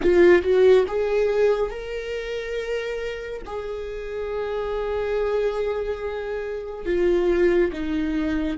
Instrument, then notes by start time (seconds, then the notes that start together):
viola
0.02 F4
0.42 F#4
0.87 G#4
1.70 A#4
3.45 G#4
6.85 F4
7.72 D#4